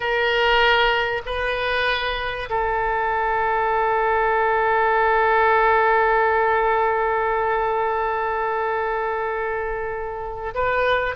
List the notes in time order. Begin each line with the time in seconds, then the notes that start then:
0.00 A#4
1.25 B4
2.49 A4
10.54 B4